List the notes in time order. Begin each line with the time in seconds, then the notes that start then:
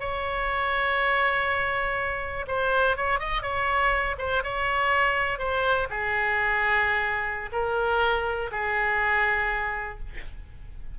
0.00 C#5
2.48 C5
2.97 C#5
3.20 D#5
3.42 C#5
4.19 C5
4.44 C#5
5.39 C5
5.90 G#4
7.53 A#4
8.52 G#4